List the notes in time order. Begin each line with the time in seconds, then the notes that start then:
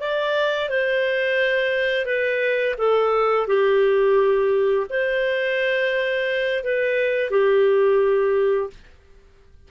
0.00 D5
0.69 C5
2.05 B4
2.78 A4
3.48 G4
4.90 C5
6.64 B4
7.31 G4